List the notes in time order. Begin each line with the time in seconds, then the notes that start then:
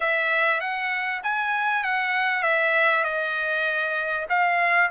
0.00 E5
0.60 F#5
1.23 G#5
1.83 F#5
2.42 E5
3.04 D#5
4.29 F5